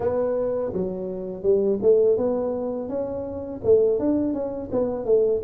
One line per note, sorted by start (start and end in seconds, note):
0.00 0.72 B3
0.73 1.42 F#3
1.42 1.78 G3
1.82 2.17 A3
2.17 2.88 B3
2.88 3.60 C#4
3.64 3.99 A3
3.99 4.33 D4
4.33 4.69 C#4
4.71 5.05 B3
5.05 5.41 A3